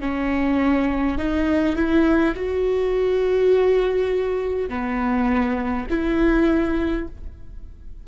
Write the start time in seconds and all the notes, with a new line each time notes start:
0.00 C#4
1.18 D#4
1.75 E4
2.35 F#4
4.69 B3
5.90 E4